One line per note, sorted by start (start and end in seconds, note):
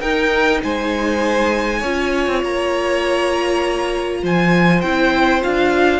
0.00 0.60 D#4
0.00 1.82 D#4
0.00 0.61 A#4
0.00 0.60 G5
0.63 1.83 G#3
0.63 1.79 C5
0.63 2.43 G#5
1.79 2.27 C#4
1.79 4.84 F4
1.79 4.19 C#5
2.27 2.42 C4
2.42 4.22 A#3
2.42 4.23 A#5
4.22 4.83 F3
4.22 5.99 C5
4.22 4.81 G#5
4.81 5.43 C4
4.81 5.41 E4
4.81 5.41 G5
5.41 5.99 D4
5.41 5.99 F4
5.41 5.99 F5